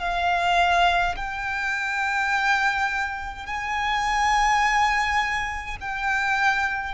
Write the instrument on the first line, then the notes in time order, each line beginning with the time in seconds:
violin
0.00 F5
1.16 G5
3.46 G#5
5.81 G5